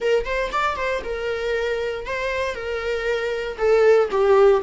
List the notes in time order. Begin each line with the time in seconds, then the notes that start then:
0.00 A#4
0.25 C5
0.52 D5
0.76 C5
1.03 A#4
2.06 C5
2.54 A#4
3.58 A4
4.10 G4